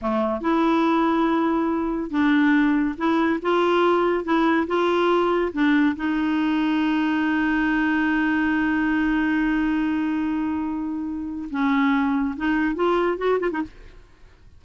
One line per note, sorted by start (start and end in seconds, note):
0.01 0.40 A3
0.40 2.10 E4
2.10 2.95 D4
2.97 3.40 E4
3.42 4.24 F4
4.24 4.66 E4
4.67 5.52 F4
5.53 5.95 D4
5.96 11.49 D#4
11.50 12.35 C#4
12.36 12.75 D#4
12.75 13.17 F4
13.17 13.38 F#4
13.39 13.50 F4
13.51 13.62 D#4